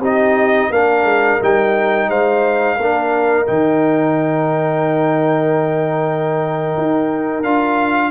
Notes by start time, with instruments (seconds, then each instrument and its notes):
0.00 tuba C4, trombone D#4, horn G4, trumpet D#5
0.71 tuba A#3, trombone D4, horn A#4, trumpet F5
1.04 tuba G#3
1.41 tuba G3, trombone D#4, trumpet G5
2.09 tuba G#3, horn C5, trumpet F5
2.76 tuba A#3, horn A#4
2.83 trombone D4
3.47 tuba D#3, trombone D#4, trumpet G5
6.78 tuba D#4
7.43 tuba D4, trombone F4, trumpet F5